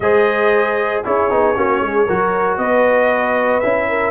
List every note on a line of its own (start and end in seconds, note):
0.00 1.03 G#3
0.00 1.04 G#4
0.00 1.05 C5
0.00 1.03 D#5
1.04 1.31 C#4
1.04 1.30 E4
1.04 1.56 G#4
1.04 2.57 C#5
1.30 1.57 B3
1.30 1.54 D#4
1.54 1.80 A#3
1.54 2.06 C#4
1.54 1.81 F#4
1.80 2.06 G#3
1.80 2.06 G#4
2.06 2.57 F#3
2.06 3.63 F#4
2.06 2.57 A#4
2.57 3.61 B3
2.57 3.88 B4
2.57 3.59 D#5
3.59 4.11 C#4
3.59 4.11 E4
3.59 4.11 E5
3.88 4.11 A#4